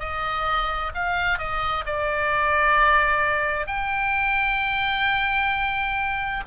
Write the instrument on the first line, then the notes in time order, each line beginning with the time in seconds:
oboe
0.00 D#5
0.94 F5
1.38 D#5
1.86 D5
3.67 G5